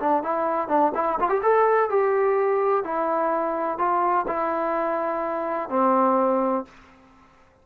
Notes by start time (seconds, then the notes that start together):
0.00 D4
0.24 E4
0.69 D4
0.95 E4
1.20 F4
1.30 G4
1.43 A4
1.90 G4
2.85 E4
3.79 F4
4.28 E4
5.70 C4